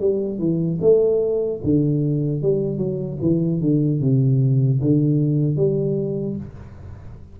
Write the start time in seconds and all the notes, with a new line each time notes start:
0.00 G3
0.39 E3
0.81 A3
1.63 D3
2.42 G3
2.78 F#3
3.21 E3
3.61 D3
4.00 C3
4.81 D3
5.56 G3